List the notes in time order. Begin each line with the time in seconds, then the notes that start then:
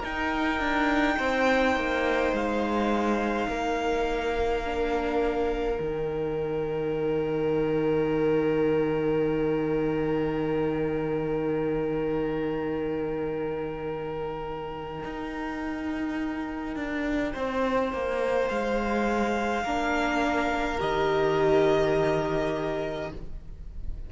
0.00 D#4 A#4 G5
0.60 D4
1.18 C4 C5
1.76 A#3
2.33 G#3 F5
3.48 A#3 A#4
4.65 D4
5.77 D#3 D#4 G5
15.05 D#4
16.76 D4
17.33 C4 C5
17.93 A#3
18.49 G#3 F5
19.64 A#3 D4 A#4
20.79 D#3 G4 D#5